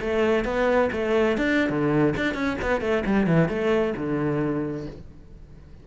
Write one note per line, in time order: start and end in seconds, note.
0.00 0.45 A3
0.45 0.90 B3
0.92 1.37 A3
1.37 1.69 D4
1.69 2.14 D3
2.17 2.34 D4
2.34 2.57 C#4
2.62 2.81 B3
2.81 3.03 A3
3.06 3.27 G3
3.27 3.49 E3
3.49 3.94 A3
3.96 4.87 D3